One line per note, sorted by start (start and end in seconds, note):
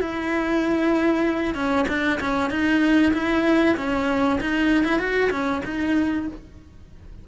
0.00 1.55 E4
1.55 1.86 C#4
1.88 2.19 D4
2.20 2.50 C#4
2.50 3.12 D#4
3.13 3.76 E4
3.77 4.39 C#4
4.41 4.84 D#4
4.84 4.99 E4
4.99 5.30 F#4
5.30 5.62 C#4
5.65 6.27 D#4